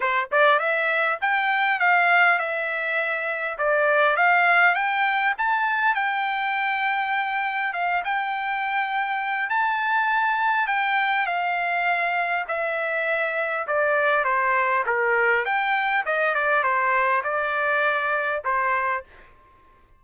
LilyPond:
\new Staff \with { instrumentName = "trumpet" } { \time 4/4 \tempo 4 = 101 c''8 d''8 e''4 g''4 f''4 | e''2 d''4 f''4 | g''4 a''4 g''2~ | g''4 f''8 g''2~ g''8 |
a''2 g''4 f''4~ | f''4 e''2 d''4 | c''4 ais'4 g''4 dis''8 d''8 | c''4 d''2 c''4 | }